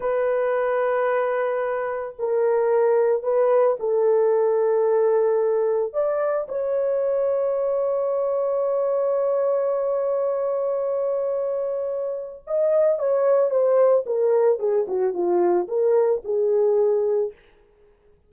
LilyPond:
\new Staff \with { instrumentName = "horn" } { \time 4/4 \tempo 4 = 111 b'1 | ais'2 b'4 a'4~ | a'2. d''4 | cis''1~ |
cis''1~ | cis''2. dis''4 | cis''4 c''4 ais'4 gis'8 fis'8 | f'4 ais'4 gis'2 | }